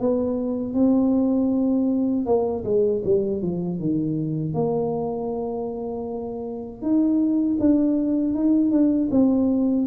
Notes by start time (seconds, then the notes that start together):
0.00 B3
0.74 C4
2.26 A#3
2.65 G#3
3.05 G3
3.42 F3
3.80 D#3
4.54 A#3
6.82 D#4
7.60 D4
8.35 D#4
8.71 D4
9.11 C4